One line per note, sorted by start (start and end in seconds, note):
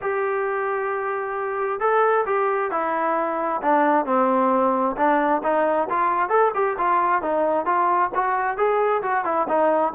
0.01 1.80 G4
1.80 2.25 A4
2.26 2.71 G4
2.71 3.61 E4
3.62 4.05 D4
4.05 4.96 C4
4.96 5.42 D4
5.43 5.88 D#4
5.89 6.29 F4
6.29 6.51 A4
6.54 6.77 G4
6.78 7.22 F4
7.22 7.65 D#4
7.65 8.10 F4
8.14 8.57 F#4
8.57 9.02 G#4
9.02 9.24 F#4
9.24 9.47 E4
9.48 9.93 D#4